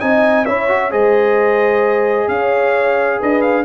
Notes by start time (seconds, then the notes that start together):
0.00 C4 D#4 D#5 G#5
0.45 C#4 E4 C#5 E5
0.68 F#4
0.91 G#3 G#4 C5 D#5
2.28 C#4 C#5 F5
3.20 D4 B4 D#5
3.42 F5